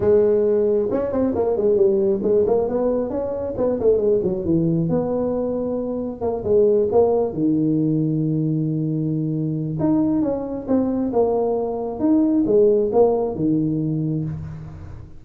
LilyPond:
\new Staff \with { instrumentName = "tuba" } { \time 4/4 \tempo 4 = 135 gis2 cis'8 c'8 ais8 gis8 | g4 gis8 ais8 b4 cis'4 | b8 a8 gis8 fis8 e4 b4~ | b2 ais8 gis4 ais8~ |
ais8 dis2.~ dis8~ | dis2 dis'4 cis'4 | c'4 ais2 dis'4 | gis4 ais4 dis2 | }